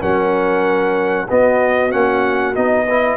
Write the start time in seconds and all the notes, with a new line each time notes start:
0.00 F#3 C#4 A#4 F#5
1.28 B3 F#4 D#5
1.91 A#3 C#4 F#5
2.54 B3 D#4 D#5
2.86 E4 B4